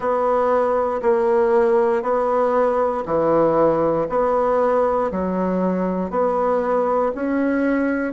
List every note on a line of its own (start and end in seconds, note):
0.00 1.01 B3
1.02 2.02 A#3
2.02 3.04 B3
3.05 4.07 E3
4.09 5.11 B3
5.11 6.10 F#3
6.10 7.12 B3
7.14 8.13 C#4